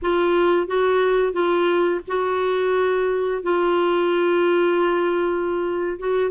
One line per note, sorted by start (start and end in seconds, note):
0.02 0.67 F4
0.67 1.32 F#4
1.32 2.01 F4
2.07 3.42 F#4
3.42 5.98 F4
5.98 6.30 F#4